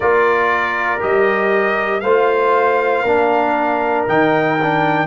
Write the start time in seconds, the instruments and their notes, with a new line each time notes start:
0.00 tuba A#3, trombone F4, horn A#4, trumpet D5
0.99 tuba G3, trombone G4, trumpet D#5
2.00 tuba A3, trombone F4, horn C5, trumpet F5
3.03 tuba A#3, trombone D4, horn A#4
4.07 tuba D#3, trombone D#4, trumpet G5
4.62 trombone D4